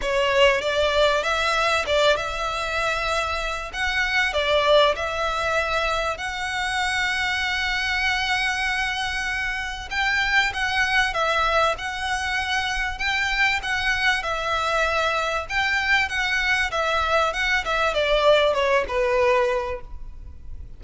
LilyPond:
\new Staff \with { instrumentName = "violin" } { \time 4/4 \tempo 4 = 97 cis''4 d''4 e''4 d''8 e''8~ | e''2 fis''4 d''4 | e''2 fis''2~ | fis''1 |
g''4 fis''4 e''4 fis''4~ | fis''4 g''4 fis''4 e''4~ | e''4 g''4 fis''4 e''4 | fis''8 e''8 d''4 cis''8 b'4. | }